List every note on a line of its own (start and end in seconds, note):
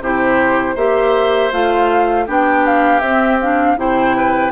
0.00 0.75 C3
0.00 0.76 E4
0.00 0.75 G4
0.00 0.77 C5
0.75 1.50 A#3
0.75 1.51 G4
0.75 2.25 C5
0.75 1.52 E5
1.51 2.27 A3
1.51 2.26 F4
1.51 2.27 F5
2.26 3.01 B3
2.26 3.02 D4
2.26 3.76 G4
2.26 2.66 G5
2.66 3.00 F5
3.00 3.76 C4
3.00 3.40 C4
3.00 3.37 E5
3.41 3.77 D4
3.41 3.78 F5
3.76 4.51 C3
3.76 4.52 E4
3.76 4.16 C5
3.76 4.52 G5
4.16 4.52 B4